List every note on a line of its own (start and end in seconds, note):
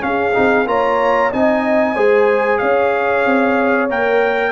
0.00 0.32 C#4
0.00 0.36 C#4
0.00 0.69 G#4
0.00 0.67 F5
0.33 0.66 C4
0.33 0.66 D#4
0.66 1.31 A#3
0.66 1.31 F4
0.66 1.32 C#5
0.66 1.32 A#5
1.32 1.96 C4
1.32 1.95 D#4
1.32 1.95 D#5
1.32 2.58 G#5
1.95 2.60 G#3
1.95 3.89 G#4
1.95 2.60 C5
2.58 3.25 C#4
2.58 4.52 C#5
2.58 3.87 F5
3.25 3.90 C4
3.90 4.52 A#3
3.90 4.52 A#4
3.90 4.52 G5